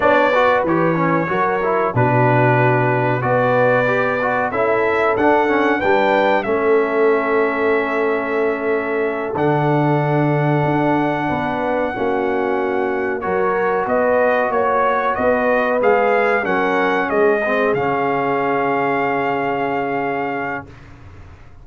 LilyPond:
<<
  \new Staff \with { instrumentName = "trumpet" } { \time 4/4 \tempo 4 = 93 d''4 cis''2 b'4~ | b'4 d''2 e''4 | fis''4 g''4 e''2~ | e''2~ e''8 fis''4.~ |
fis''1~ | fis''8 cis''4 dis''4 cis''4 dis''8~ | dis''8 f''4 fis''4 dis''4 f''8~ | f''1 | }
  \new Staff \with { instrumentName = "horn" } { \time 4/4 cis''8 b'4. ais'4 fis'4~ | fis'4 b'2 a'4~ | a'4 b'4 a'2~ | a'1~ |
a'4. b'4 fis'4.~ | fis'8 ais'4 b'4 cis''4 b'8~ | b'4. ais'4 gis'4.~ | gis'1 | }
  \new Staff \with { instrumentName = "trombone" } { \time 4/4 d'8 fis'8 g'8 cis'8 fis'8 e'8 d'4~ | d'4 fis'4 g'8 fis'8 e'4 | d'8 cis'8 d'4 cis'2~ | cis'2~ cis'8 d'4.~ |
d'2~ d'8 cis'4.~ | cis'8 fis'2.~ fis'8~ | fis'8 gis'4 cis'4. c'8 cis'8~ | cis'1 | }
  \new Staff \with { instrumentName = "tuba" } { \time 4/4 b4 e4 fis4 b,4~ | b,4 b2 cis'4 | d'4 g4 a2~ | a2~ a8 d4.~ |
d8 d'4 b4 ais4.~ | ais8 fis4 b4 ais4 b8~ | b8 gis4 fis4 gis4 cis8~ | cis1 | }
>>